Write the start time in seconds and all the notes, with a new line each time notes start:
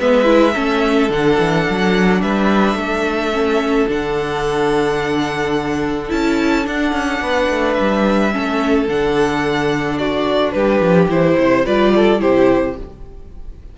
0.00 G#3 B3 B4 E5
0.25 E4
0.54 A3 C#4 A4
1.10 D3 D4 F#5
1.39 E3
1.70 F#3
2.22 G3 B4 E5
2.75 A3 A4
3.32 C#4
3.89 D3 D4 F#5
6.09 C#4 E4 A5
6.64 D4 F#5
6.93 C#4
7.22 B3 B4
7.50 A3
7.74 E5
7.80 G3
8.32 A3 C#4 A4
8.88 D3 D4 F#5
9.98 F#4 D5
10.52 G3 G4 B4
10.81 F3
11.09 E3 E4 C5
11.38 C3 C5
11.66 G3 F4 B4 D5
11.96 A4
12.19 C3 E4 G4 C5